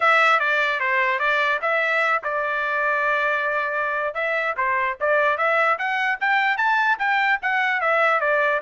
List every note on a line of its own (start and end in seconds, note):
0.00 0.39 E5
0.39 0.80 D5
0.80 1.19 C5
1.19 1.59 D5
1.61 2.22 E5
2.23 4.14 D5
4.14 4.55 E5
4.56 4.97 C5
5.00 5.37 D5
5.37 5.78 E5
5.78 6.19 F#5
6.20 6.57 G5
6.57 6.97 A5
6.98 7.39 G5
7.42 7.81 F#5
7.81 8.20 E5
8.20 8.61 D5